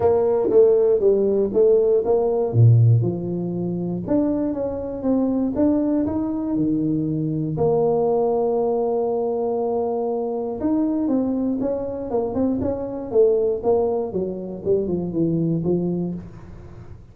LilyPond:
\new Staff \with { instrumentName = "tuba" } { \time 4/4 \tempo 4 = 119 ais4 a4 g4 a4 | ais4 ais,4 f2 | d'4 cis'4 c'4 d'4 | dis'4 dis2 ais4~ |
ais1~ | ais4 dis'4 c'4 cis'4 | ais8 c'8 cis'4 a4 ais4 | fis4 g8 f8 e4 f4 | }